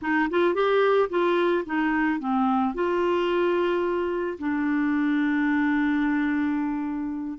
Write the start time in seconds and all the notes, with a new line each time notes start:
0.01 D#4
0.30 F4
0.54 G4
1.09 F4
1.65 D#4
2.19 C4
2.74 F4
4.38 D4